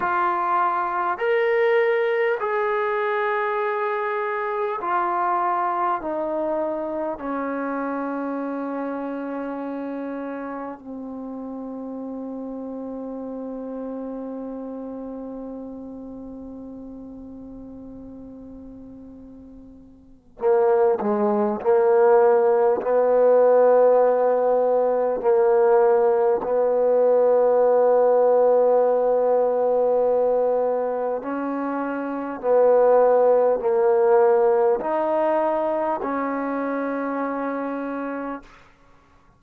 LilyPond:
\new Staff \with { instrumentName = "trombone" } { \time 4/4 \tempo 4 = 50 f'4 ais'4 gis'2 | f'4 dis'4 cis'2~ | cis'4 c'2.~ | c'1~ |
c'4 ais8 gis8 ais4 b4~ | b4 ais4 b2~ | b2 cis'4 b4 | ais4 dis'4 cis'2 | }